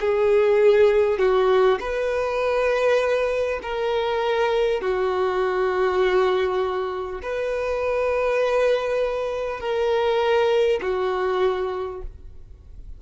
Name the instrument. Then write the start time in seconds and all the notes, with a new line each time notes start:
violin
0.00 G#4
1.19 F#4
1.81 B4
3.63 A#4
4.81 F#4
7.22 B4
9.61 A#4
10.82 F#4